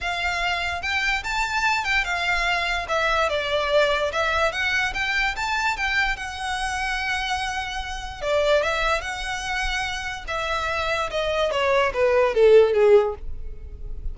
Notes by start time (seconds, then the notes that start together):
0.00 F5
0.82 G5
1.23 A5
1.84 G5
2.04 F5
2.88 E5
3.29 D5
4.12 E5
4.52 F#5
4.94 G5
5.35 A5
5.76 G5
6.16 F#5
8.21 D5
8.62 E5
9.01 F#5
10.27 E5
11.10 D#5
11.51 C#5
11.93 B4
12.34 A4
12.73 G#4